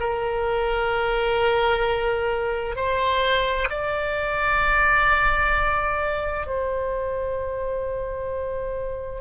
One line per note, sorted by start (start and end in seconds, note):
0.00 2.76 A#4
2.76 3.68 C5
3.70 6.47 D5
6.47 9.21 C5